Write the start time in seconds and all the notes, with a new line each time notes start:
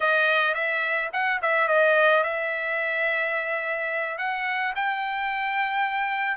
0.00 D#5
0.54 E5
1.12 F#5
1.42 E5
1.68 D#5
2.23 E5
4.18 F#5
4.75 G5